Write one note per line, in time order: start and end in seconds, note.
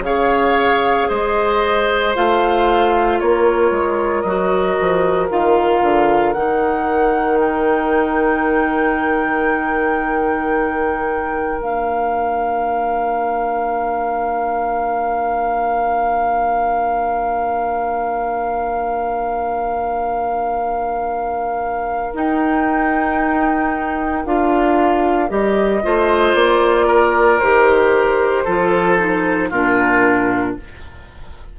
0.00 1.05 C#3
0.00 2.15 G#4
0.00 1.10 F5
0.06 1.09 C#5
1.09 2.16 G#3
1.09 3.19 C5
1.09 2.15 D#5
2.15 3.21 A3
2.15 4.26 F4
2.15 3.20 F5
3.20 3.71 A#3
3.20 25.85 A#4
3.20 4.22 C#5
3.71 4.24 G#3
4.22 4.77 F#3
4.22 5.30 F#4
4.22 5.27 D#5
4.81 5.31 F3
5.30 5.82 D#3
5.30 6.35 F4
5.30 6.33 F5
5.82 6.35 D3
6.33 11.62 D#3
6.33 11.60 D#4
6.33 7.38 F#5
7.41 11.62 G5
11.60 22.14 A#3
11.60 22.12 D4
11.60 22.14 F5
22.14 24.25 D#4
22.14 24.26 G5
24.26 25.31 D4
24.26 25.29 F4
24.26 25.30 F5
25.29 25.83 G3
25.29 25.82 G4
25.29 26.35 D#5
25.84 26.35 A3
25.84 27.41 F4
25.84 26.87 C5
26.35 27.40 A#3
26.35 27.39 D5
26.87 28.45 A#4
27.39 28.47 D#3
27.39 28.48 G4
27.39 29.50 C5
28.45 29.52 F3
28.45 28.98 F4
28.45 29.50 A4
28.98 29.51 D#4
29.50 30.57 A#2
29.50 30.59 D4
29.50 30.55 F4
29.50 30.57 A#4